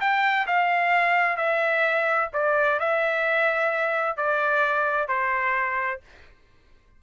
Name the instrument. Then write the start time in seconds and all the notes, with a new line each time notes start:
trumpet
0.00 G5
0.46 F5
1.37 E5
2.33 D5
2.79 E5
4.17 D5
5.08 C5